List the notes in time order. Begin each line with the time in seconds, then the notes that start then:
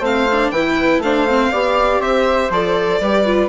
0.00 A3 C4 C5 F5
0.31 D4
0.51 E3 E4 B4 G5
0.98 A3 D4 F5
1.05 C5
1.28 C4
1.51 B3 G4 D5
2.00 C4 C5 E5
2.50 F3 A4 D5
3.00 G3 G4 B4
3.26 F4